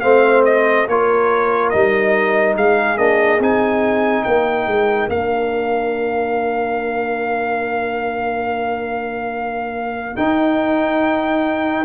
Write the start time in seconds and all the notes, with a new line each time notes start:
0.00 A3 C4 C5 F5
0.45 D#5
0.87 A#3 F4 A#4 C#5
1.69 G3 D#4 D#5
2.55 G#3 G#4 F5
2.97 A#3 D4 D#5
3.39 C4 D#4 G#5
4.23 A#3 A#4 G5
4.66 G#3
5.08 A#3 D4 F5
10.16 D#4 G5